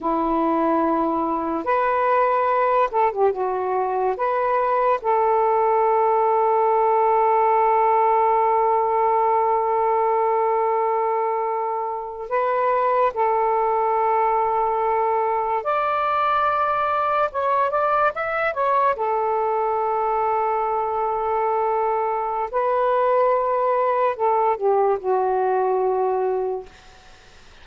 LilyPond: \new Staff \with { instrumentName = "saxophone" } { \time 4/4 \tempo 4 = 72 e'2 b'4. a'16 g'16 | fis'4 b'4 a'2~ | a'1~ | a'2~ a'8. b'4 a'16~ |
a'2~ a'8. d''4~ d''16~ | d''8. cis''8 d''8 e''8 cis''8 a'4~ a'16~ | a'2. b'4~ | b'4 a'8 g'8 fis'2 | }